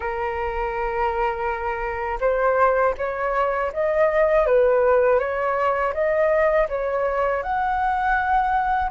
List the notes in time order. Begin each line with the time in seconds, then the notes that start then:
0.00 A#4
2.20 C5
2.97 C#5
3.72 D#5
4.46 B4
5.19 C#5
5.93 D#5
6.68 C#5
7.42 F#5